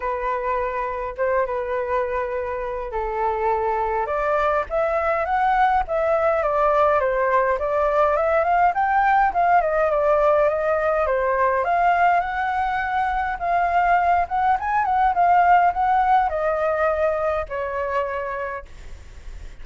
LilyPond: \new Staff \with { instrumentName = "flute" } { \time 4/4 \tempo 4 = 103 b'2 c''8 b'4.~ | b'4 a'2 d''4 | e''4 fis''4 e''4 d''4 | c''4 d''4 e''8 f''8 g''4 |
f''8 dis''8 d''4 dis''4 c''4 | f''4 fis''2 f''4~ | f''8 fis''8 gis''8 fis''8 f''4 fis''4 | dis''2 cis''2 | }